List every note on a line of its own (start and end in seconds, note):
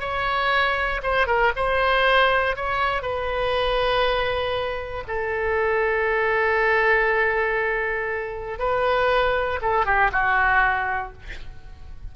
0.00 1.01 C#5
1.02 1.27 C5
1.27 1.52 A#4
1.56 2.56 C5
2.56 3.02 C#5
3.02 5.04 B4
5.07 8.59 A4
8.59 9.59 B4
9.62 9.85 A4
9.85 10.11 G4
10.12 11.13 F#4